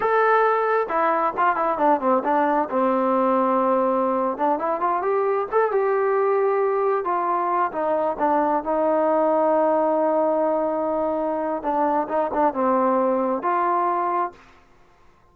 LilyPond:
\new Staff \with { instrumentName = "trombone" } { \time 4/4 \tempo 4 = 134 a'2 e'4 f'8 e'8 | d'8 c'8 d'4 c'2~ | c'4.~ c'16 d'8 e'8 f'8 g'8.~ | g'16 a'8 g'2. f'16~ |
f'4~ f'16 dis'4 d'4 dis'8.~ | dis'1~ | dis'2 d'4 dis'8 d'8 | c'2 f'2 | }